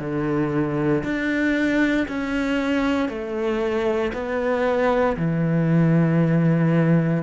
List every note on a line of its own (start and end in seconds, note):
0.00 1.03 D3
1.04 2.07 D4
2.08 3.09 C#4
3.09 4.12 A3
4.13 5.17 B3
5.17 7.24 E3